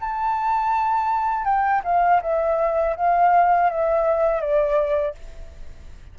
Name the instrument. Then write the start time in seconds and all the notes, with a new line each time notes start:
flute
0.00 A5
1.44 G5
1.84 F5
2.22 E5
2.96 F5
3.70 E5
4.40 D5